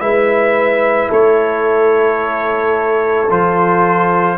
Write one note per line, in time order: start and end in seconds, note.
0.00 1.10 G#3
0.00 3.27 E4
0.00 1.09 B4
0.00 1.10 E5
1.09 3.30 A3
1.09 4.36 A4
1.09 3.30 C#5
3.30 4.38 F3
3.30 4.38 F4
3.30 4.38 C5